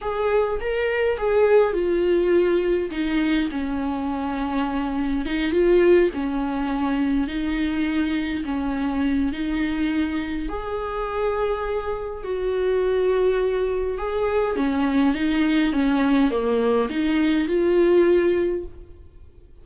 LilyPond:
\new Staff \with { instrumentName = "viola" } { \time 4/4 \tempo 4 = 103 gis'4 ais'4 gis'4 f'4~ | f'4 dis'4 cis'2~ | cis'4 dis'8 f'4 cis'4.~ | cis'8 dis'2 cis'4. |
dis'2 gis'2~ | gis'4 fis'2. | gis'4 cis'4 dis'4 cis'4 | ais4 dis'4 f'2 | }